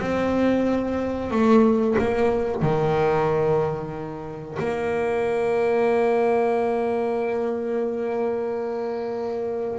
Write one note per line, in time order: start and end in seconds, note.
0.00 1.30 C4
1.30 1.96 A3
1.98 2.62 A#3
2.62 4.57 D#3
4.59 9.79 A#3